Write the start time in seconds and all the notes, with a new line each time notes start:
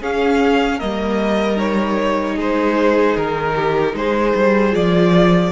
0.00 C#4 G#4 F5
0.76 G3 A#3 A#4 D#5
1.56 D#4 C#5
2.36 G#3 G#4 C5
3.16 D#3 A#4
3.55 G4
3.94 G#3 G#4 C5
4.35 G3
4.71 F3 F4 D5